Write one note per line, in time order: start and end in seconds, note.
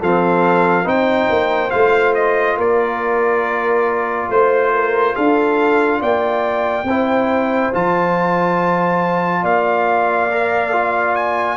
0.00 0.86 F3
0.00 0.84 C4
0.00 0.85 A4
0.00 0.88 F5
0.84 1.29 C4
0.84 1.70 D#4
0.84 2.57 C5
0.84 1.71 G5
1.30 1.73 A#3
1.71 2.57 A3
1.71 6.85 F4
1.71 2.14 F5
2.15 2.57 D#5
2.57 4.29 A#3
2.57 4.30 A#4
2.57 4.31 D5
4.30 5.16 A3
4.30 4.73 C5
4.30 5.16 C5
4.74 5.15 A#4
5.15 6.02 D4
5.15 6.00 A4
5.15 6.02 F5
6.00 6.84 A#3
6.00 6.86 D5
6.00 7.74 G5
6.84 7.70 C4
6.84 7.73 E4
6.84 9.43 C5
7.73 9.44 F3
7.73 10.31 F4
7.73 9.45 A5
9.43 11.57 A#3
9.43 11.57 D5
9.43 11.16 F5
10.31 10.73 A#4
10.73 11.57 F4
11.16 11.57 G#5